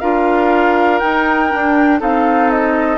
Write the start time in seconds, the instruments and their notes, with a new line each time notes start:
0.00 bassoon D4, clarinet F4, oboe A#4, flute F5
0.99 clarinet D#4, bassoon D#4, flute G5
1.50 clarinet D4, bassoon D4
2.00 bassoon C4, clarinet D#4, oboe A4, flute F5
2.51 flute D#5